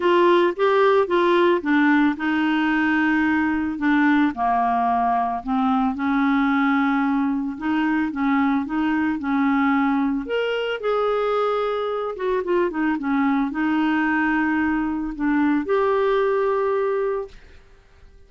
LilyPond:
\new Staff \with { instrumentName = "clarinet" } { \time 4/4 \tempo 4 = 111 f'4 g'4 f'4 d'4 | dis'2. d'4 | ais2 c'4 cis'4~ | cis'2 dis'4 cis'4 |
dis'4 cis'2 ais'4 | gis'2~ gis'8 fis'8 f'8 dis'8 | cis'4 dis'2. | d'4 g'2. | }